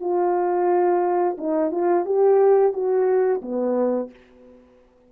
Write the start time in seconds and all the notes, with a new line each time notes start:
0.00 F4
1.38 D#4
1.71 F4
2.05 G4
2.73 F#4
3.42 B3